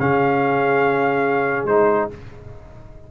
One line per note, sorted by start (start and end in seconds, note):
0.00 1.65 C#3
0.00 1.69 C#4
0.00 2.12 G#4
0.00 1.67 F5
1.65 2.07 G#3
1.65 2.11 D#4
1.65 2.09 C5